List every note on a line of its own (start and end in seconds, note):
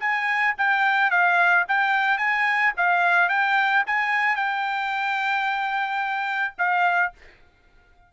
0.00 0.55 G#5
0.58 1.11 G5
1.11 1.65 F5
1.68 2.18 G5
2.18 2.73 G#5
2.77 3.29 F5
3.29 3.84 G5
3.87 4.36 G#5
4.36 6.54 G5
6.59 7.13 F5